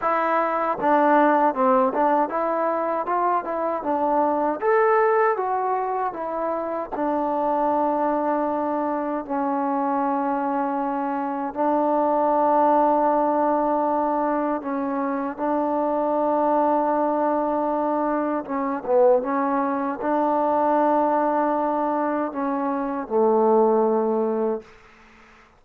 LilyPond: \new Staff \with { instrumentName = "trombone" } { \time 4/4 \tempo 4 = 78 e'4 d'4 c'8 d'8 e'4 | f'8 e'8 d'4 a'4 fis'4 | e'4 d'2. | cis'2. d'4~ |
d'2. cis'4 | d'1 | cis'8 b8 cis'4 d'2~ | d'4 cis'4 a2 | }